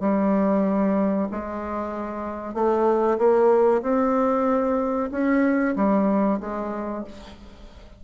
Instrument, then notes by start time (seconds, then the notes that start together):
bassoon
0.00 G3
1.31 G#3
2.54 A3
3.18 A#3
3.82 C4
5.11 C#4
5.76 G3
6.40 G#3